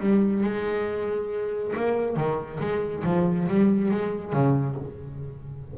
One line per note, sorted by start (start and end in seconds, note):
0.00 0.43 G3
0.43 1.74 G#3
1.76 2.16 A#3
2.16 2.60 D#3
2.60 3.04 G#3
3.04 3.47 F3
3.48 3.91 G3
3.91 4.33 G#3
4.33 4.76 C#3